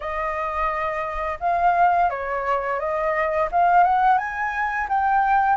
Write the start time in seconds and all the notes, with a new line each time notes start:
0.00 D#5
1.40 F5
2.10 C#5
2.79 D#5
3.51 F5
3.83 F#5
4.17 G#5
4.88 G5